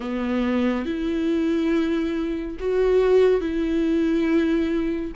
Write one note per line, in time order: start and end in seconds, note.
0.00 0.85 B3
0.85 2.57 E4
2.59 3.41 F#4
3.41 5.12 E4